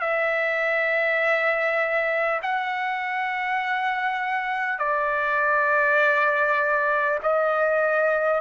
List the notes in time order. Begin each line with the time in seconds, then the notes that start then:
0.00 E5
2.42 F#5
4.78 D5
7.22 D#5